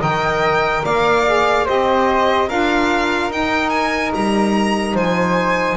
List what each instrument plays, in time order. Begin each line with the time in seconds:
0.00 double bass D#3, saxophone A#4, flute D#5, violin G5
0.84 double bass A#3, flute D5, violin F5
1.28 saxophone G#4
1.65 double bass C4, saxophone G4, flute C5, violin D#5
2.48 double bass D4, saxophone F4, flute A#4, violin F5
3.30 double bass D#4, saxophone D#4, violin G5
3.70 violin G#5
4.14 double bass G3, violin A#5
4.94 double bass F3, flute C5, violin G#5